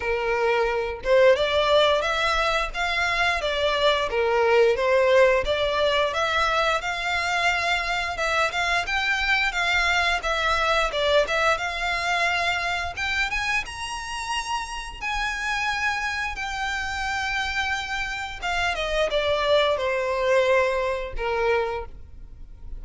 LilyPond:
\new Staff \with { instrumentName = "violin" } { \time 4/4 \tempo 4 = 88 ais'4. c''8 d''4 e''4 | f''4 d''4 ais'4 c''4 | d''4 e''4 f''2 | e''8 f''8 g''4 f''4 e''4 |
d''8 e''8 f''2 g''8 gis''8 | ais''2 gis''2 | g''2. f''8 dis''8 | d''4 c''2 ais'4 | }